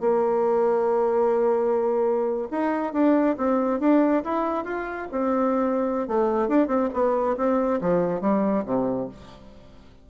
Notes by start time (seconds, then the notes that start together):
0.00 A#3
2.51 D#4
2.93 D4
3.37 C4
3.80 D4
4.24 E4
4.65 F4
5.11 C4
6.08 A3
6.48 D4
6.67 C4
6.93 B3
7.37 C4
7.81 F3
8.21 G3
8.65 C3